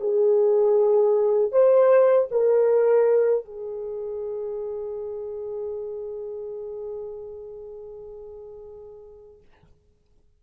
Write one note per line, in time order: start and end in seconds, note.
0.00 1.51 G#4
1.51 2.28 C5
2.31 3.45 A#4
3.45 9.41 G#4